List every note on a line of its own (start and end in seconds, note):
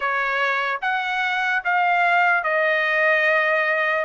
0.00 0.80 C#5
0.81 1.62 F#5
1.64 2.43 F5
2.43 4.05 D#5